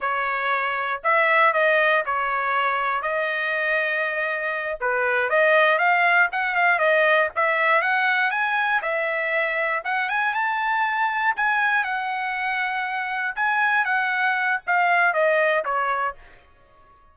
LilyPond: \new Staff \with { instrumentName = "trumpet" } { \time 4/4 \tempo 4 = 119 cis''2 e''4 dis''4 | cis''2 dis''2~ | dis''4. b'4 dis''4 f''8~ | f''8 fis''8 f''8 dis''4 e''4 fis''8~ |
fis''8 gis''4 e''2 fis''8 | gis''8 a''2 gis''4 fis''8~ | fis''2~ fis''8 gis''4 fis''8~ | fis''4 f''4 dis''4 cis''4 | }